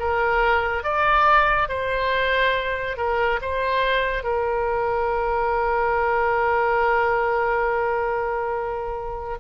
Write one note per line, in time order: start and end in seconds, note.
0.00 0.84 A#4
0.84 1.69 D5
1.69 2.97 C5
2.97 3.40 A#4
3.42 4.24 C5
4.24 9.38 A#4